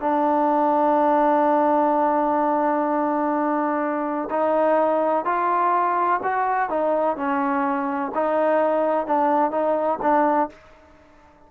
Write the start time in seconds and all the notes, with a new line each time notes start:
0.00 D4
4.30 D#4
5.24 F4
6.23 F#4
6.69 D#4
7.16 C#4
8.14 D#4
9.06 D4
9.51 D#4
10.02 D4